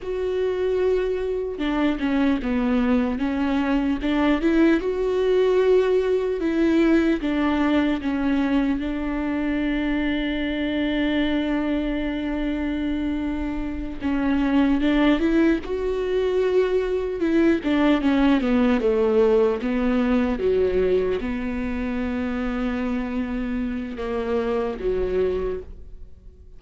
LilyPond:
\new Staff \with { instrumentName = "viola" } { \time 4/4 \tempo 4 = 75 fis'2 d'8 cis'8 b4 | cis'4 d'8 e'8 fis'2 | e'4 d'4 cis'4 d'4~ | d'1~ |
d'4. cis'4 d'8 e'8 fis'8~ | fis'4. e'8 d'8 cis'8 b8 a8~ | a8 b4 fis4 b4.~ | b2 ais4 fis4 | }